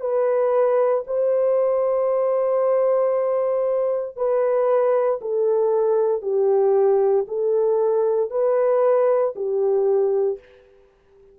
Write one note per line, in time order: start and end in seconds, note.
0.00 1.03 B4
1.06 4.16 C5
4.16 5.19 B4
5.21 6.22 A4
6.22 7.25 G4
7.27 8.30 A4
8.30 9.33 B4
9.35 10.39 G4